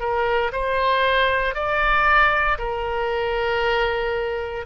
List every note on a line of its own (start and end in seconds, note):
0.00 0.52 A#4
0.53 1.55 C5
1.55 2.58 D5
2.59 4.66 A#4